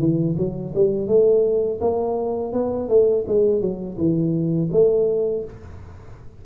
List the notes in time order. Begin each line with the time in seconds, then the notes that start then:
0.00 E3
0.38 F#3
0.76 G3
1.08 A3
1.81 A#3
2.53 B3
2.89 A3
3.28 G#3
3.61 F#3
3.98 E3
4.72 A3